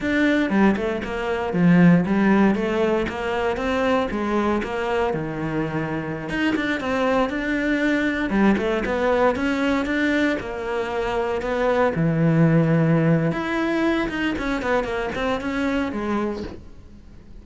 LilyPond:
\new Staff \with { instrumentName = "cello" } { \time 4/4 \tempo 4 = 117 d'4 g8 a8 ais4 f4 | g4 a4 ais4 c'4 | gis4 ais4 dis2~ | dis16 dis'8 d'8 c'4 d'4.~ d'16~ |
d'16 g8 a8 b4 cis'4 d'8.~ | d'16 ais2 b4 e8.~ | e2 e'4. dis'8 | cis'8 b8 ais8 c'8 cis'4 gis4 | }